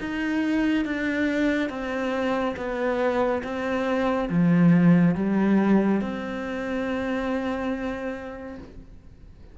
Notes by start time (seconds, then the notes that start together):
0.00 D#4
0.85 D4
1.70 C4
2.57 B3
3.44 C4
4.30 F3
5.16 G3
6.02 C4